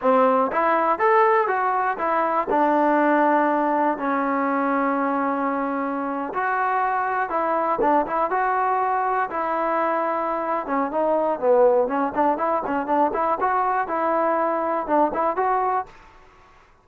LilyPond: \new Staff \with { instrumentName = "trombone" } { \time 4/4 \tempo 4 = 121 c'4 e'4 a'4 fis'4 | e'4 d'2. | cis'1~ | cis'8. fis'2 e'4 d'16~ |
d'16 e'8 fis'2 e'4~ e'16~ | e'4. cis'8 dis'4 b4 | cis'8 d'8 e'8 cis'8 d'8 e'8 fis'4 | e'2 d'8 e'8 fis'4 | }